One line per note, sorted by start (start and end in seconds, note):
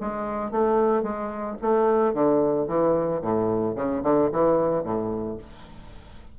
0.00 0.51 G#3
0.51 1.03 A3
1.03 1.57 G#3
1.61 2.14 A3
2.14 2.67 D3
2.67 3.21 E3
3.22 3.75 A2
3.75 4.02 C#3
4.03 4.30 D3
4.31 4.83 E3
4.83 5.37 A2